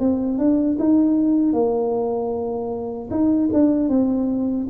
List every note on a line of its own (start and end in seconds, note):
0.00 0.38 C4
0.38 0.77 D4
0.79 1.53 D#4
1.53 3.09 A#3
3.11 3.50 D#4
3.53 3.89 D4
3.89 4.67 C4